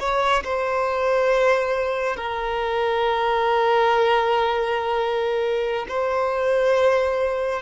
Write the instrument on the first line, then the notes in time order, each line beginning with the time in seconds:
violin
0.00 C#5
0.44 C5
2.17 A#4
5.89 C5